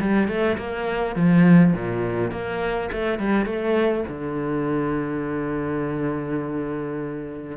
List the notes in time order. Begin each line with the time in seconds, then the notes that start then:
0.00 G3
0.28 A3
0.57 A#3
1.15 F3
1.73 A#2
2.31 A#3
2.92 A3
3.19 G3
3.46 A3
4.08 D3